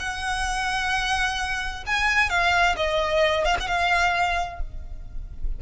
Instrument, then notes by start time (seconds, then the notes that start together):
violin
0.00 F#5
1.87 G#5
2.30 F5
2.77 D#5
3.45 F5
3.60 F#5
3.68 F5